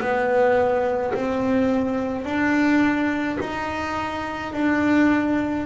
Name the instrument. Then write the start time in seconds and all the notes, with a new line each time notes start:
double bass
0.00 B3
1.13 C4
2.24 D4
3.40 D#4
4.52 D4